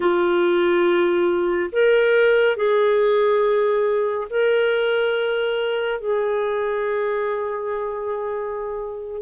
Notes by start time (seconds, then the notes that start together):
0.00 F4
1.71 A#4
2.56 G#4
4.30 A#4
6.00 G#4